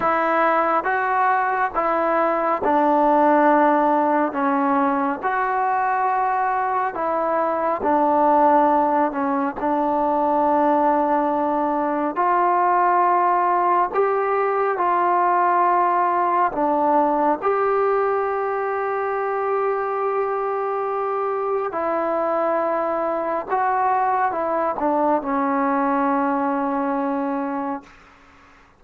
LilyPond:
\new Staff \with { instrumentName = "trombone" } { \time 4/4 \tempo 4 = 69 e'4 fis'4 e'4 d'4~ | d'4 cis'4 fis'2 | e'4 d'4. cis'8 d'4~ | d'2 f'2 |
g'4 f'2 d'4 | g'1~ | g'4 e'2 fis'4 | e'8 d'8 cis'2. | }